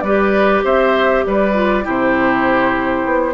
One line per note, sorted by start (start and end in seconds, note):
0.00 0.62 G3
0.00 1.53 G4
0.00 0.64 B4
0.00 0.60 D5
0.64 1.24 C4
0.64 1.24 C5
0.64 1.25 E5
1.25 1.85 G3
1.25 1.84 B4
1.25 1.86 D5
1.53 1.83 F4
1.83 3.04 C3
1.83 3.33 E4
1.83 3.34 G4
1.89 3.34 C5
3.04 3.34 B3